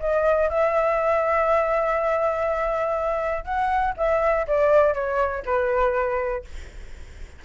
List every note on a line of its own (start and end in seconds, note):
0.00 0.49 D#5
0.49 3.45 E5
3.45 3.94 F#5
3.97 4.47 E5
4.47 4.94 D5
4.94 5.44 C#5
5.46 6.45 B4